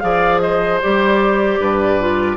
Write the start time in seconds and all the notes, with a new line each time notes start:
0.00 F3 G#4 D5 F5
0.40 C5 D#5
0.82 G3 G4 D5
1.60 G2 B4
2.01 F4